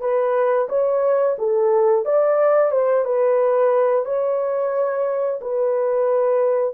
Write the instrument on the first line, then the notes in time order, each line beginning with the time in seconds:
horn
0.00 B4
0.69 C#5
1.38 A4
2.05 D5
2.71 C5
3.05 B4
4.05 C#5
5.41 B4